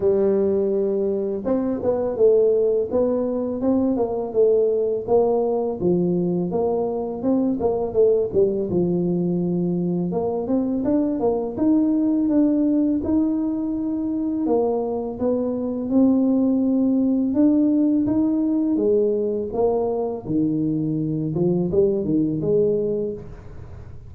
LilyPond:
\new Staff \with { instrumentName = "tuba" } { \time 4/4 \tempo 4 = 83 g2 c'8 b8 a4 | b4 c'8 ais8 a4 ais4 | f4 ais4 c'8 ais8 a8 g8 | f2 ais8 c'8 d'8 ais8 |
dis'4 d'4 dis'2 | ais4 b4 c'2 | d'4 dis'4 gis4 ais4 | dis4. f8 g8 dis8 gis4 | }